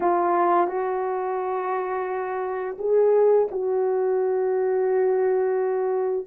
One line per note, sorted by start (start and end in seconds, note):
0.00 0.67 F4
0.67 2.77 F#4
2.78 3.48 G#4
3.51 6.26 F#4